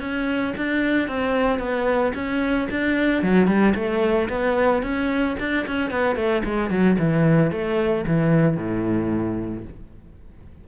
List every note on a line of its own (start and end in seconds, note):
0.00 0.54 C#4
0.57 1.08 D4
1.08 1.59 C4
1.59 2.12 B3
2.15 2.68 C#4
2.70 3.22 D4
3.22 3.47 F#3
3.47 3.74 G3
3.75 4.29 A3
4.29 4.82 B3
4.82 5.36 C#4
5.39 5.66 D4
5.67 5.90 C#4
5.90 6.16 B3
6.16 6.42 A3
6.44 6.70 G#3
6.70 6.97 F#3
6.98 7.51 E3
7.51 8.05 A3
8.07 8.57 E3
8.57 9.64 A2